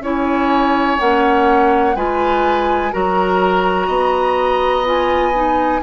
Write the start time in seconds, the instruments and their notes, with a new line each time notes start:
0.00 bassoon C#4, clarinet E4, oboe C#5, flute G#5
0.98 bassoon A#3, clarinet C#4, flute F#5
1.96 bassoon G#3, clarinet F4, oboe B4, flute G#5
2.92 bassoon F#3, clarinet F#4, oboe A#4, flute A#5
3.87 bassoon B3, oboe D#5
4.84 clarinet F4, flute G#5
5.34 clarinet D#4